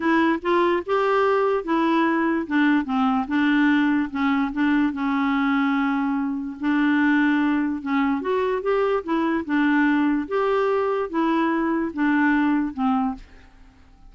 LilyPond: \new Staff \with { instrumentName = "clarinet" } { \time 4/4 \tempo 4 = 146 e'4 f'4 g'2 | e'2 d'4 c'4 | d'2 cis'4 d'4 | cis'1 |
d'2. cis'4 | fis'4 g'4 e'4 d'4~ | d'4 g'2 e'4~ | e'4 d'2 c'4 | }